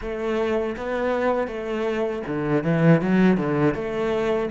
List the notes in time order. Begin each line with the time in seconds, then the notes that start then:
0.01 A3
0.76 B3
1.47 A3
2.26 D3
2.63 E3
3.01 F#3
3.37 D3
3.74 A3